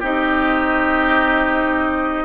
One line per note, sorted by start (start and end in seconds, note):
0.00 2.25 C4
0.00 2.25 D#4
0.00 2.25 G4
0.00 2.25 D#5